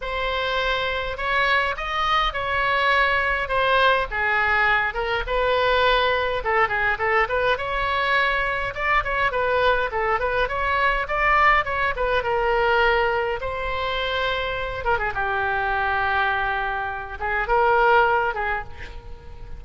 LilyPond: \new Staff \with { instrumentName = "oboe" } { \time 4/4 \tempo 4 = 103 c''2 cis''4 dis''4 | cis''2 c''4 gis'4~ | gis'8 ais'8 b'2 a'8 gis'8 | a'8 b'8 cis''2 d''8 cis''8 |
b'4 a'8 b'8 cis''4 d''4 | cis''8 b'8 ais'2 c''4~ | c''4. ais'16 gis'16 g'2~ | g'4. gis'8 ais'4. gis'8 | }